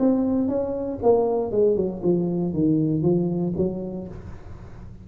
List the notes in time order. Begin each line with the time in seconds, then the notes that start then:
0.00 C4
0.49 C#4
1.03 A#3
1.52 G#3
1.77 F#3
2.03 F3
2.54 D#3
3.03 F3
3.57 F#3